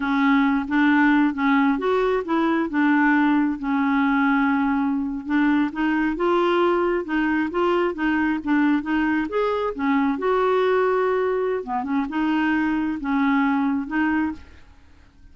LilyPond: \new Staff \with { instrumentName = "clarinet" } { \time 4/4 \tempo 4 = 134 cis'4. d'4. cis'4 | fis'4 e'4 d'2 | cis'2.~ cis'8. d'16~ | d'8. dis'4 f'2 dis'16~ |
dis'8. f'4 dis'4 d'4 dis'16~ | dis'8. gis'4 cis'4 fis'4~ fis'16~ | fis'2 b8 cis'8 dis'4~ | dis'4 cis'2 dis'4 | }